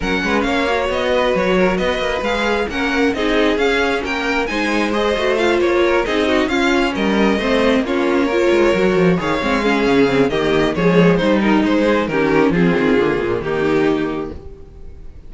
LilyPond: <<
  \new Staff \with { instrumentName = "violin" } { \time 4/4 \tempo 4 = 134 fis''4 f''4 dis''4 cis''4 | dis''4 f''4 fis''4 dis''4 | f''4 g''4 gis''4 dis''4 | f''8 cis''4 dis''4 f''4 dis''8~ |
dis''4. cis''2~ cis''8~ | cis''8 f''2~ f''8 dis''4 | cis''4 c''8 ais'8 c''4 ais'4 | gis'2 g'2 | }
  \new Staff \with { instrumentName = "violin" } { \time 4/4 ais'8 b'8 cis''4. b'4 ais'8 | b'2 ais'4 gis'4~ | gis'4 ais'4 c''2~ | c''4 ais'8 gis'8 fis'8 f'4 ais'8~ |
ais'8 c''4 f'4 ais'4.~ | ais'8 cis''4 gis'4. g'4 | gis'4 dis'4. gis'8 g'4 | f'2 dis'2 | }
  \new Staff \with { instrumentName = "viola" } { \time 4/4 cis'4. fis'2~ fis'8~ | fis'4 gis'4 cis'4 dis'4 | cis'2 dis'4 gis'8 fis'8 | f'4. dis'4 cis'4.~ |
cis'8 c'4 cis'4 f'4 fis'8~ | fis'8 gis'8 c'8 cis'4 c'8 ais4 | gis4 dis'2 cis'4 | c'4 ais2. | }
  \new Staff \with { instrumentName = "cello" } { \time 4/4 fis8 gis8 ais4 b4 fis4 | b8 ais8 gis4 ais4 c'4 | cis'4 ais4 gis4. a8~ | a8 ais4 c'4 cis'4 g8~ |
g8 a4 ais4. gis8 fis8 | f8 dis8 gis4 cis4 dis4 | f4 g4 gis4 dis4 | f8 dis8 d8 ais,8 dis2 | }
>>